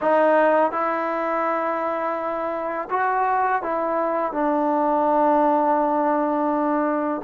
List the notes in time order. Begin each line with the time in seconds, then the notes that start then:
0.01 D#4
0.71 E4
2.90 F#4
3.62 E4
4.32 D4